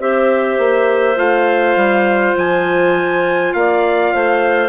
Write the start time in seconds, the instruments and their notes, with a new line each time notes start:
0.00 bassoon C4, clarinet G4 C5, trumpet E5
0.59 bassoon A#3
1.16 bassoon A3, clarinet F4, trumpet F5
1.76 bassoon G3
2.37 bassoon F3, trumpet G#5
3.54 bassoon A#3, clarinet D5, trumpet F5
4.14 bassoon A3, clarinet C5